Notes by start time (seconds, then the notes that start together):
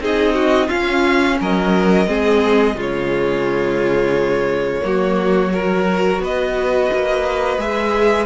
0.00 C4 D#4 G#4 D#5
0.34 F#4
0.67 C#4 F4 F5
1.40 F#3 A#4 D#5
2.06 G#3 C4 G#4
2.75 C#3 G#3 F4
2.81 C#5
4.81 F#3 A#3 F#4
5.52 F#4 A#4
6.19 B3 B4 D#5
6.93 A#3
7.58 G#3 G#4 E5